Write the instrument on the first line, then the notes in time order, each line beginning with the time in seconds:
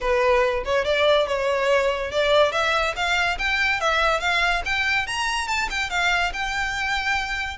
violin
0.00 B4
0.65 C#5
0.85 D5
1.27 C#5
2.11 D5
2.52 E5
2.96 F5
3.38 G5
3.80 E5
4.20 F5
4.65 G5
5.06 A#5
5.47 A5
5.69 G5
5.90 F5
6.33 G5